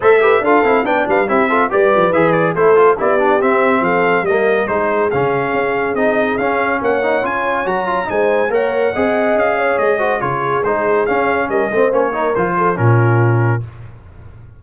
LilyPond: <<
  \new Staff \with { instrumentName = "trumpet" } { \time 4/4 \tempo 4 = 141 e''4 f''4 g''8 f''8 e''4 | d''4 e''8 d''8 c''4 d''4 | e''4 f''4 dis''4 c''4 | f''2 dis''4 f''4 |
fis''4 gis''4 ais''4 gis''4 | fis''2 f''4 dis''4 | cis''4 c''4 f''4 dis''4 | cis''4 c''4 ais'2 | }
  \new Staff \with { instrumentName = "horn" } { \time 4/4 c''8 b'8 a'4 d''8 b'8 g'8 a'8 | b'2 a'4 g'4~ | g'4 a'4 ais'4 gis'4~ | gis'1 |
cis''2. c''4 | cis''4 dis''4. cis''4 c''8 | gis'2. ais'8 c''8~ | c''8 ais'4 a'8 f'2 | }
  \new Staff \with { instrumentName = "trombone" } { \time 4/4 a'8 g'8 f'8 e'8 d'4 e'8 f'8 | g'4 gis'4 e'8 f'8 e'8 d'8 | c'2 ais4 dis'4 | cis'2 dis'4 cis'4~ |
cis'8 dis'8 f'4 fis'8 f'8 dis'4 | ais'4 gis'2~ gis'8 fis'8 | f'4 dis'4 cis'4. c'8 | cis'8 dis'8 f'4 cis'2 | }
  \new Staff \with { instrumentName = "tuba" } { \time 4/4 a4 d'8 c'8 b8 g8 c'4 | g8 f8 e4 a4 b4 | c'4 f4 g4 gis4 | cis4 cis'4 c'4 cis'4 |
ais4 cis'4 fis4 gis4 | ais4 c'4 cis'4 gis4 | cis4 gis4 cis'4 g8 a8 | ais4 f4 ais,2 | }
>>